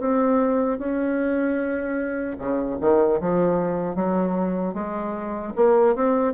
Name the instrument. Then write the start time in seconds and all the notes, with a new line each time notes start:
bassoon
0.00 C4
0.79 C#4
2.39 C#3
2.81 D#3
3.21 F3
3.96 F#3
4.74 G#3
5.57 A#3
5.96 C4